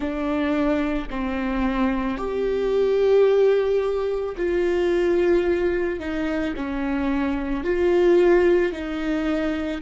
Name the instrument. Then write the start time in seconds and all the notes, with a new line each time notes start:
viola
0.00 D4
1.10 C4
2.17 G4
4.36 F4
5.99 D#4
6.56 C#4
7.64 F4
8.72 D#4